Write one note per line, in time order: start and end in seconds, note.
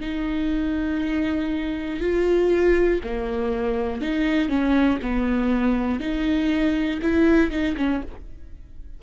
0.00 2.00 D#4
2.00 3.00 F4
3.03 4.01 A#3
4.01 4.49 D#4
4.49 4.99 C#4
5.02 6.00 B3
6.00 7.00 D#4
7.02 7.50 E4
7.50 7.75 D#4
7.76 8.01 C#4